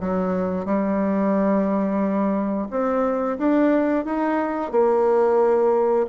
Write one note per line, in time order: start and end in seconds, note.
0.00 0.65 F#3
0.65 2.68 G3
2.70 3.37 C4
3.38 4.05 D4
4.05 4.71 D#4
4.71 6.06 A#3